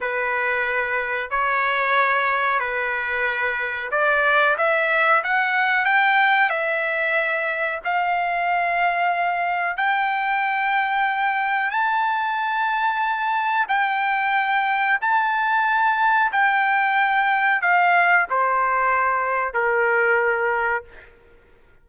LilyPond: \new Staff \with { instrumentName = "trumpet" } { \time 4/4 \tempo 4 = 92 b'2 cis''2 | b'2 d''4 e''4 | fis''4 g''4 e''2 | f''2. g''4~ |
g''2 a''2~ | a''4 g''2 a''4~ | a''4 g''2 f''4 | c''2 ais'2 | }